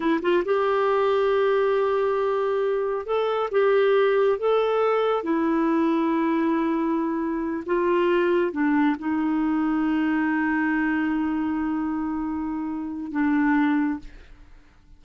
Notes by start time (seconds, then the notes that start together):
0.00 E4
0.21 F4
0.45 G4
3.06 A4
3.51 G4
4.38 A4
5.23 E4
7.65 F4
8.52 D4
8.98 D#4
13.11 D4